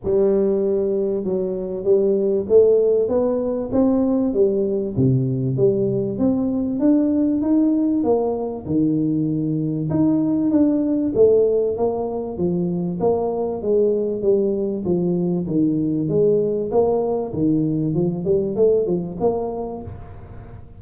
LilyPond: \new Staff \with { instrumentName = "tuba" } { \time 4/4 \tempo 4 = 97 g2 fis4 g4 | a4 b4 c'4 g4 | c4 g4 c'4 d'4 | dis'4 ais4 dis2 |
dis'4 d'4 a4 ais4 | f4 ais4 gis4 g4 | f4 dis4 gis4 ais4 | dis4 f8 g8 a8 f8 ais4 | }